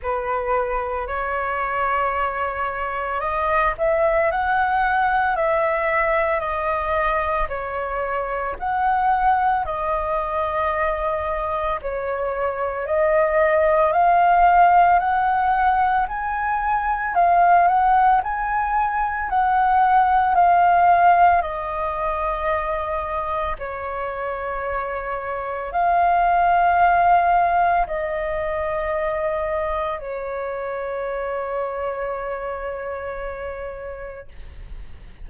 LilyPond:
\new Staff \with { instrumentName = "flute" } { \time 4/4 \tempo 4 = 56 b'4 cis''2 dis''8 e''8 | fis''4 e''4 dis''4 cis''4 | fis''4 dis''2 cis''4 | dis''4 f''4 fis''4 gis''4 |
f''8 fis''8 gis''4 fis''4 f''4 | dis''2 cis''2 | f''2 dis''2 | cis''1 | }